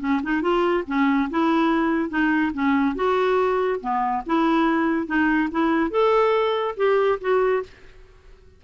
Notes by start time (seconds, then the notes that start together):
0.00 C#4
0.23 D#4
0.42 F4
0.87 C#4
1.30 E4
2.10 D#4
2.54 C#4
2.96 F#4
3.81 B3
4.26 E4
5.07 D#4
5.51 E4
5.91 A4
6.77 G4
7.21 F#4